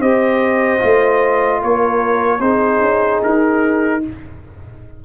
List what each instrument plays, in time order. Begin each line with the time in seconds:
0.00 tuba C4, trombone G4, horn C5, trumpet D#5
0.80 tuba A3, trombone F4
1.62 tuba A#3, horn A#4, trumpet C#5
2.40 tuba C4, trombone D#4, horn G#4, trumpet C5
2.81 tuba C#4
3.24 tuba D#4, trumpet A#4